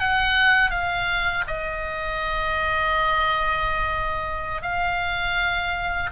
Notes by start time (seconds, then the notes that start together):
0.00 F#5
0.71 F5
1.48 D#5
4.63 F5